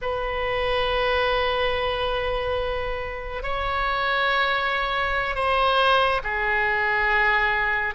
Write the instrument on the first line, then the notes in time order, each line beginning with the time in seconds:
oboe
0.01 B4
3.42 C#5
5.35 C5
6.23 G#4